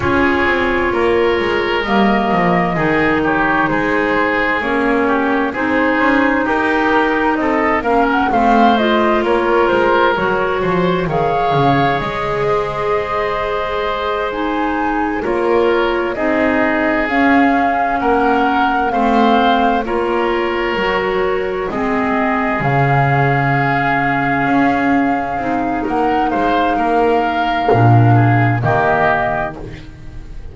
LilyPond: <<
  \new Staff \with { instrumentName = "flute" } { \time 4/4 \tempo 4 = 65 cis''2 dis''4. cis''8 | c''4 cis''4 c''4 ais'4 | dis''8 f''16 fis''16 f''8 dis''8 cis''8 c''8 cis''4 | f''4 dis''2~ dis''8 gis''8~ |
gis''8 cis''4 dis''4 f''4 fis''8~ | fis''8 f''4 cis''2 dis''8~ | dis''8 f''2.~ f''8 | fis''8 f''2~ f''8 dis''4 | }
  \new Staff \with { instrumentName = "oboe" } { \time 4/4 gis'4 ais'2 gis'8 g'8 | gis'4. g'8 gis'4 g'4 | a'8 ais'8 c''4 ais'4. c''8 | cis''4. c''2~ c''8~ |
c''8 ais'4 gis'2 ais'8~ | ais'8 c''4 ais'2 gis'8~ | gis'1 | ais'8 c''8 ais'4. gis'8 g'4 | }
  \new Staff \with { instrumentName = "clarinet" } { \time 4/4 f'2 ais4 dis'4~ | dis'4 cis'4 dis'2~ | dis'8 cis'8 c'8 f'4. fis'4 | gis'2.~ gis'8 dis'8~ |
dis'8 f'4 dis'4 cis'4.~ | cis'8 c'4 f'4 fis'4 c'8~ | c'8 cis'2. dis'8~ | dis'2 d'4 ais4 | }
  \new Staff \with { instrumentName = "double bass" } { \time 4/4 cis'8 c'8 ais8 gis8 g8 f8 dis4 | gis4 ais4 c'8 cis'8 dis'4 | c'8 ais8 a4 ais8 gis8 fis8 f8 | dis8 cis8 gis2.~ |
gis8 ais4 c'4 cis'4 ais8~ | ais8 a4 ais4 fis4 gis8~ | gis8 cis2 cis'4 c'8 | ais8 gis8 ais4 ais,4 dis4 | }
>>